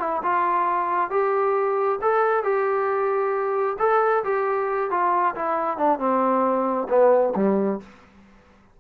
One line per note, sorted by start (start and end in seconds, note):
0.00 0.22 E4
0.23 1.11 F4
1.11 2.00 G4
2.02 2.44 A4
2.44 3.77 G4
3.79 4.24 A4
4.24 4.91 G4
4.91 5.35 F4
5.36 5.78 E4
5.78 5.99 D4
5.99 6.88 C4
6.89 7.34 B3
7.36 7.80 G3